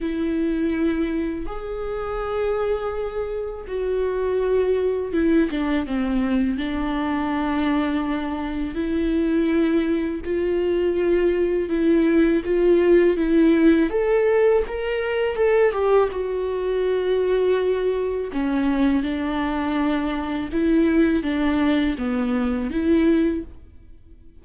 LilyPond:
\new Staff \with { instrumentName = "viola" } { \time 4/4 \tempo 4 = 82 e'2 gis'2~ | gis'4 fis'2 e'8 d'8 | c'4 d'2. | e'2 f'2 |
e'4 f'4 e'4 a'4 | ais'4 a'8 g'8 fis'2~ | fis'4 cis'4 d'2 | e'4 d'4 b4 e'4 | }